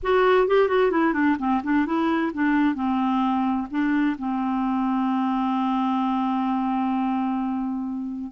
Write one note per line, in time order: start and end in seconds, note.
0.02 0.47 F#4
0.47 0.68 G4
0.68 0.91 F#4
0.91 1.13 E4
1.13 1.36 D4
1.38 1.61 C4
1.63 1.85 D4
1.85 2.32 E4
2.33 2.74 D4
2.74 3.67 C4
3.70 4.16 D4
4.18 8.31 C4